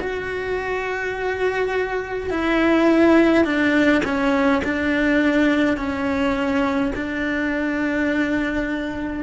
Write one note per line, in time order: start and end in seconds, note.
0.00 2.30 F#4
2.30 3.44 E4
3.44 4.02 D4
4.04 4.62 C#4
4.64 5.77 D4
5.77 6.92 C#4
6.95 9.23 D4